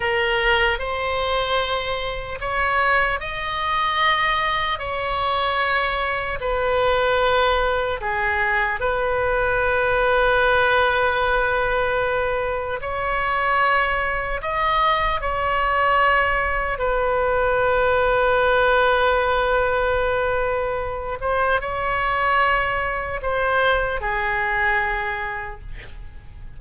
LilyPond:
\new Staff \with { instrumentName = "oboe" } { \time 4/4 \tempo 4 = 75 ais'4 c''2 cis''4 | dis''2 cis''2 | b'2 gis'4 b'4~ | b'1 |
cis''2 dis''4 cis''4~ | cis''4 b'2.~ | b'2~ b'8 c''8 cis''4~ | cis''4 c''4 gis'2 | }